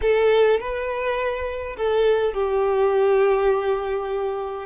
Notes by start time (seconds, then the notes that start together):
0.01 A4
0.60 B4
1.76 A4
2.33 G4